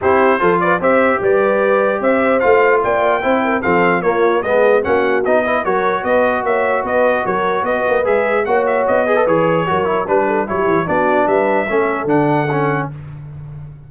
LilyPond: <<
  \new Staff \with { instrumentName = "trumpet" } { \time 4/4 \tempo 4 = 149 c''4. d''8 e''4 d''4~ | d''4 e''4 f''4 g''4~ | g''4 f''4 cis''4 dis''4 | fis''4 dis''4 cis''4 dis''4 |
e''4 dis''4 cis''4 dis''4 | e''4 fis''8 e''8 dis''4 cis''4~ | cis''4 b'4 cis''4 d''4 | e''2 fis''2 | }
  \new Staff \with { instrumentName = "horn" } { \time 4/4 g'4 a'8 b'8 c''4 b'4~ | b'4 c''2 d''4 | c''8 ais'8 a'4 f'4 gis'4 | fis'4. b'8 ais'4 b'4 |
cis''4 b'4 ais'4 b'4~ | b'4 cis''4. b'4. | ais'4 b'8 a'8 g'4 fis'4 | b'4 a'2. | }
  \new Staff \with { instrumentName = "trombone" } { \time 4/4 e'4 f'4 g'2~ | g'2 f'2 | e'4 c'4 ais4 b4 | cis'4 dis'8 e'8 fis'2~ |
fis'1 | gis'4 fis'4. gis'16 a'16 gis'4 | fis'8 e'8 d'4 e'4 d'4~ | d'4 cis'4 d'4 cis'4 | }
  \new Staff \with { instrumentName = "tuba" } { \time 4/4 c'4 f4 c'4 g4~ | g4 c'4 a4 ais4 | c'4 f4 ais4 gis4 | ais4 b4 fis4 b4 |
ais4 b4 fis4 b8 ais8 | gis4 ais4 b4 e4 | fis4 g4 fis8 e8 b4 | g4 a4 d2 | }
>>